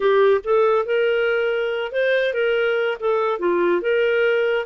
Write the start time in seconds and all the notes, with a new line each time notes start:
0.00 G4
0.44 A4
0.85 A#4
1.92 C5
2.33 A#4
2.99 A4
3.39 F4
3.81 A#4